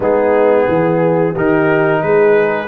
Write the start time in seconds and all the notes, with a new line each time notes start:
0.00 G#3 B3 D#4 G#4
0.68 E3 G#4
1.33 D#3 D#4 G4 A#4
2.02 G#3 G#4 B4